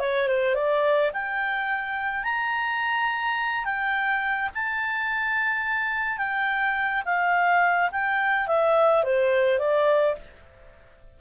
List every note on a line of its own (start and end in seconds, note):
0.00 0.28 C#5
0.28 0.55 C5
0.55 1.12 D5
1.13 2.24 G5
2.24 3.65 A#5
3.65 4.50 G5
4.55 6.18 A5
6.18 7.03 G5
7.05 7.90 F5
7.92 8.48 G5
8.48 9.04 E5
9.04 9.59 C5
9.59 10.16 D5